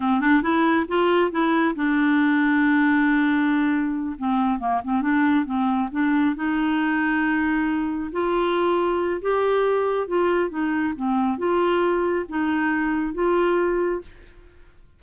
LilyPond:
\new Staff \with { instrumentName = "clarinet" } { \time 4/4 \tempo 4 = 137 c'8 d'8 e'4 f'4 e'4 | d'1~ | d'4. c'4 ais8 c'8 d'8~ | d'8 c'4 d'4 dis'4.~ |
dis'2~ dis'8 f'4.~ | f'4 g'2 f'4 | dis'4 c'4 f'2 | dis'2 f'2 | }